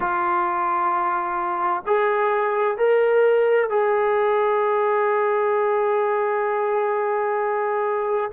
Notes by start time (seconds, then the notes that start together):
0.00 F4
1.86 G#4
2.77 A#4
3.69 G#4